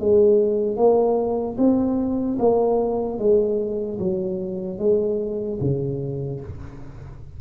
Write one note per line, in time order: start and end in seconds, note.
0.00 0.77 G#3
0.77 1.57 A#3
1.58 2.38 C4
2.39 3.19 A#3
3.19 3.99 G#3
3.99 4.79 F#3
4.79 5.59 G#3
5.61 6.41 C#3